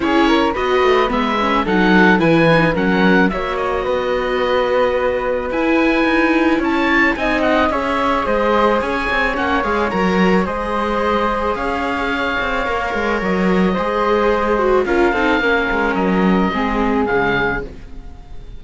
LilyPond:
<<
  \new Staff \with { instrumentName = "oboe" } { \time 4/4 \tempo 4 = 109 cis''4 dis''4 e''4 fis''4 | gis''4 fis''4 e''8 dis''4.~ | dis''2 gis''2 | a''4 gis''8 fis''8 e''4 dis''4 |
gis''4 fis''8 f''8 ais''4 dis''4~ | dis''4 f''2. | dis''2. f''4~ | f''4 dis''2 f''4 | }
  \new Staff \with { instrumentName = "flute" } { \time 4/4 gis'8 ais'8 b'2 a'4 | b'4 ais'4 cis''4 b'4~ | b'1 | cis''4 dis''4 cis''4 c''4 |
cis''2. c''4~ | c''4 cis''2.~ | cis''4 c''2 ais'8 a'8 | ais'2 gis'2 | }
  \new Staff \with { instrumentName = "viola" } { \time 4/4 e'4 fis'4 b8 cis'8 dis'4 | e'8 dis'8 cis'4 fis'2~ | fis'2 e'2~ | e'4 dis'4 gis'2~ |
gis'4 cis'8 gis'8 ais'4 gis'4~ | gis'2. ais'4~ | ais'4 gis'4. fis'8 f'8 dis'8 | cis'2 c'4 gis4 | }
  \new Staff \with { instrumentName = "cello" } { \time 4/4 cis'4 b8 a8 gis4 fis4 | e4 fis4 ais4 b4~ | b2 e'4 dis'4 | cis'4 c'4 cis'4 gis4 |
cis'8 c'8 ais8 gis8 fis4 gis4~ | gis4 cis'4. c'8 ais8 gis8 | fis4 gis2 cis'8 c'8 | ais8 gis8 fis4 gis4 cis4 | }
>>